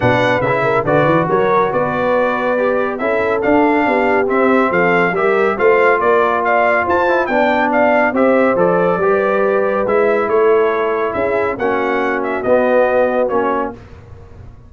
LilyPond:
<<
  \new Staff \with { instrumentName = "trumpet" } { \time 4/4 \tempo 4 = 140 fis''4 e''4 d''4 cis''4 | d''2. e''4 | f''2 e''4 f''4 | e''4 f''4 d''4 f''4 |
a''4 g''4 f''4 e''4 | d''2. e''4 | cis''2 e''4 fis''4~ | fis''8 e''8 dis''2 cis''4 | }
  \new Staff \with { instrumentName = "horn" } { \time 4/4 b'4. ais'8 b'4 ais'4 | b'2. a'4~ | a'4 g'2 a'4 | ais'4 c''4 ais'4 d''4 |
c''4 d''2 c''4~ | c''4 b'2. | a'2 gis'4 fis'4~ | fis'1 | }
  \new Staff \with { instrumentName = "trombone" } { \time 4/4 d'4 e'4 fis'2~ | fis'2 g'4 e'4 | d'2 c'2 | g'4 f'2.~ |
f'8 e'8 d'2 g'4 | a'4 g'2 e'4~ | e'2. cis'4~ | cis'4 b2 cis'4 | }
  \new Staff \with { instrumentName = "tuba" } { \time 4/4 b,4 cis4 d8 e8 fis4 | b2. cis'4 | d'4 b4 c'4 f4 | g4 a4 ais2 |
f'4 b2 c'4 | f4 g2 gis4 | a2 cis'4 ais4~ | ais4 b2 ais4 | }
>>